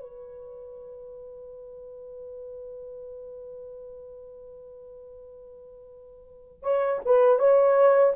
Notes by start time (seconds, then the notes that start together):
0.00 B4
6.63 C#5
7.05 B4
7.39 C#5